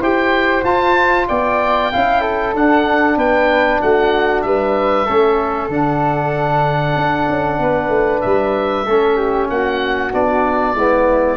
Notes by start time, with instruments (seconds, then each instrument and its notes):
0.00 tuba E4, trombone G4, flute C5, oboe G5
0.64 tuba F4, trombone F4, oboe A5
1.28 tuba B3, flute D5, oboe G5
1.92 tuba C#4, trombone E4, flute F5
2.21 flute A4
2.54 trombone D4, tuba D4, oboe F#5
3.17 tuba B3, flute B4, oboe G5
3.81 tuba A3, flute F#4, oboe F#5
4.42 tuba G3, flute B4, oboe E5
5.06 tuba A3, trombone C#4, flute A4
5.69 tuba D3, trombone D4, oboe F#5
6.96 tuba D4
7.29 tuba C#4
7.59 tuba B3, flute B4
7.89 tuba A3
8.21 tuba G3, oboe E5
8.86 tuba A3, trombone C#4, flute A4
9.17 flute G4
9.50 tuba A#3, flute F#4, oboe F#5
10.13 tuba B3, trombone D4, oboe D5
10.75 tuba G#3, trombone B3, flute E4